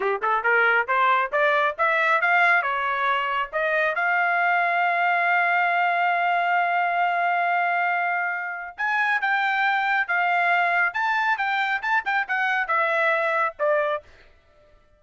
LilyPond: \new Staff \with { instrumentName = "trumpet" } { \time 4/4 \tempo 4 = 137 g'8 a'8 ais'4 c''4 d''4 | e''4 f''4 cis''2 | dis''4 f''2.~ | f''1~ |
f''1 | gis''4 g''2 f''4~ | f''4 a''4 g''4 a''8 g''8 | fis''4 e''2 d''4 | }